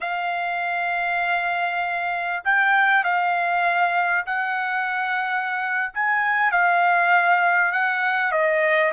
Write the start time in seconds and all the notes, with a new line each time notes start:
0.01 F5
2.44 G5
3.04 F5
4.26 F#5
5.93 G#5
6.51 F5
7.71 F#5
8.31 D#5